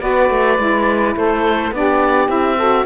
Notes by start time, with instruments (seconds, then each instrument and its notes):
0.00 cello B3, saxophone F#4 B4, oboe D5
0.30 cello A3
0.57 cello G#3, saxophone E4
1.16 cello A3, saxophone A4, oboe C5
1.71 cello B3, saxophone D4 G4, oboe D5
2.28 cello C4, saxophone E4, oboe E5
2.56 saxophone F#4 A4